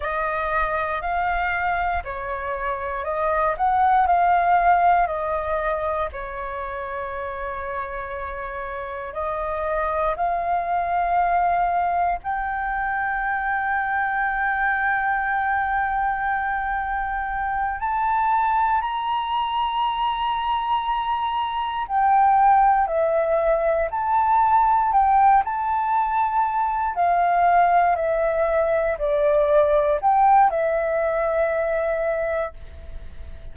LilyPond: \new Staff \with { instrumentName = "flute" } { \time 4/4 \tempo 4 = 59 dis''4 f''4 cis''4 dis''8 fis''8 | f''4 dis''4 cis''2~ | cis''4 dis''4 f''2 | g''1~ |
g''4. a''4 ais''4.~ | ais''4. g''4 e''4 a''8~ | a''8 g''8 a''4. f''4 e''8~ | e''8 d''4 g''8 e''2 | }